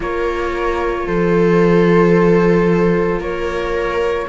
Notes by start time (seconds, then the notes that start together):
0.00 A#3 F4 A#4 C#5
1.06 F3 A4 C5
3.19 A#3 A#4 C#5